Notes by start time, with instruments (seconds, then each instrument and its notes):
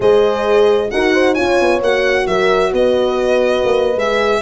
0.00 tuba G#3, horn G#4 C5, violin D#5
0.90 tuba D#4, horn F#4 A#4, violin F#5
1.13 horn C5
1.34 tuba C#4, horn F4 C#5, violin G#5
1.60 tuba B3
1.80 tuba A#3, horn F#4, violin F#5
2.27 tuba F#3, horn A#4, violin E5
2.72 tuba B3, horn B4, violin D#5
3.64 tuba A#3
3.96 tuba G#3, horn G#4, violin E5